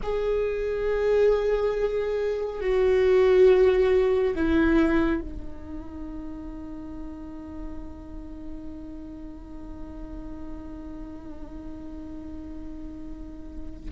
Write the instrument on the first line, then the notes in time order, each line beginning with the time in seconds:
viola
0.02 G#4
2.60 F#4
4.35 E4
5.20 D#4